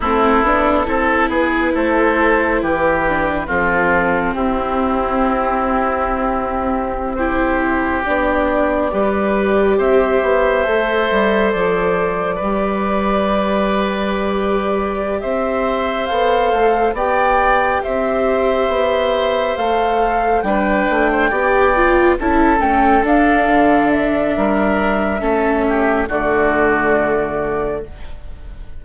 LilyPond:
<<
  \new Staff \with { instrumentName = "flute" } { \time 4/4 \tempo 4 = 69 a'4. b'8 c''4 b'4 | a'4 g'2.~ | g'16 c''4 d''2 e''8.~ | e''4~ e''16 d''2~ d''8.~ |
d''4. e''4 f''4 g''8~ | g''8 e''2 f''4 g''8~ | g''4. a''8 g''8 f''4 e''8~ | e''2 d''2 | }
  \new Staff \with { instrumentName = "oboe" } { \time 4/4 e'4 a'8 gis'8 a'4 g'4 | f'4 e'2.~ | e'16 g'2 b'4 c''8.~ | c''2~ c''16 b'4.~ b'16~ |
b'4. c''2 d''8~ | d''8 c''2. b'8~ | b'16 c''16 d''4 a'2~ a'8 | ais'4 a'8 g'8 fis'2 | }
  \new Staff \with { instrumentName = "viola" } { \time 4/4 c'8 d'8 e'2~ e'8 d'8 | c'1~ | c'16 e'4 d'4 g'4.~ g'16~ | g'16 a'2 g'4.~ g'16~ |
g'2~ g'8 a'4 g'8~ | g'2~ g'8 a'4 d'8~ | d'8 g'8 f'8 e'8 cis'8 d'4.~ | d'4 cis'4 a2 | }
  \new Staff \with { instrumentName = "bassoon" } { \time 4/4 a8 b8 c'8 b8 a4 e4 | f4 c'2.~ | c'4~ c'16 b4 g4 c'8 b16~ | b16 a8 g8 f4 g4.~ g16~ |
g4. c'4 b8 a8 b8~ | b8 c'4 b4 a4 g8 | a8 b4 cis'8 a8 d'8 d4 | g4 a4 d2 | }
>>